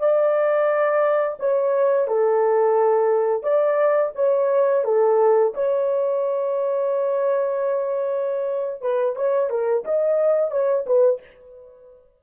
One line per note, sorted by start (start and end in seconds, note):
0.00 1.38 D5
1.40 2.08 C#5
2.08 3.43 A4
3.43 4.12 D5
4.15 4.84 C#5
4.85 5.54 A4
5.55 8.82 C#5
8.82 9.16 B4
9.16 9.50 C#5
9.50 9.85 A#4
9.85 10.51 D#5
10.51 10.86 C#5
10.87 11.21 B4